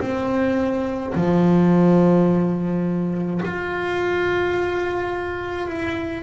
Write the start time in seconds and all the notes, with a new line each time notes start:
0.00 C4
1.15 F3
3.45 F4
5.67 E4